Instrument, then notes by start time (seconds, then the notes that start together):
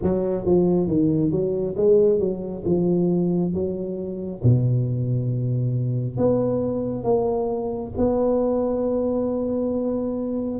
tuba
0.02 F#3
0.45 F3
0.87 D#3
1.31 F#3
1.76 G#3
2.19 F#3
2.65 F3
3.53 F#3
4.43 B2
6.17 B3
7.03 A#3
7.97 B3